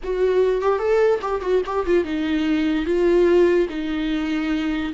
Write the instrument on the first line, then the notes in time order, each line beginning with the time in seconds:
viola
0.03 F#4
0.61 G4
0.78 A4
1.21 G4
1.41 F#4
1.65 G4
1.85 F4
2.04 D#4
2.85 F4
3.69 D#4